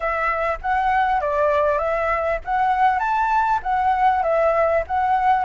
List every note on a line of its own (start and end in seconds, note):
0.00 0.58 E5
0.61 1.20 F#5
1.20 1.78 D5
1.78 2.39 E5
2.44 2.99 F#5
2.99 3.59 A5
3.62 4.23 F#5
4.23 4.83 E5
4.87 5.44 F#5